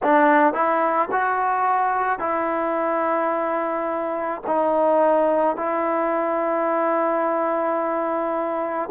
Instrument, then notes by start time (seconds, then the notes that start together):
trombone
0.03 D4
0.53 E4
1.11 F#4
2.19 E4
4.46 D#4
5.56 E4